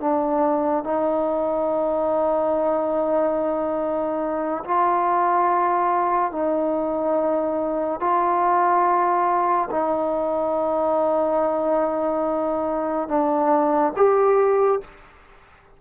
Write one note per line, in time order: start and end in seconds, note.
0.00 0.83 D4
0.83 4.64 D#4
4.64 6.31 F4
6.31 8.00 D#4
8.00 9.69 F4
9.70 13.08 D#4
13.08 13.92 D4
13.96 14.80 G4